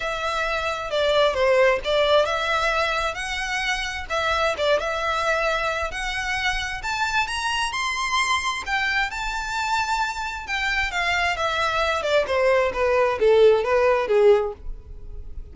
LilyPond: \new Staff \with { instrumentName = "violin" } { \time 4/4 \tempo 4 = 132 e''2 d''4 c''4 | d''4 e''2 fis''4~ | fis''4 e''4 d''8 e''4.~ | e''4 fis''2 a''4 |
ais''4 c'''2 g''4 | a''2. g''4 | f''4 e''4. d''8 c''4 | b'4 a'4 b'4 gis'4 | }